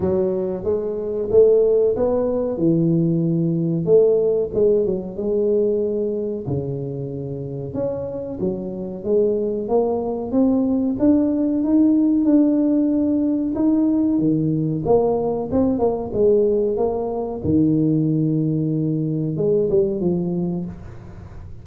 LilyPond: \new Staff \with { instrumentName = "tuba" } { \time 4/4 \tempo 4 = 93 fis4 gis4 a4 b4 | e2 a4 gis8 fis8 | gis2 cis2 | cis'4 fis4 gis4 ais4 |
c'4 d'4 dis'4 d'4~ | d'4 dis'4 dis4 ais4 | c'8 ais8 gis4 ais4 dis4~ | dis2 gis8 g8 f4 | }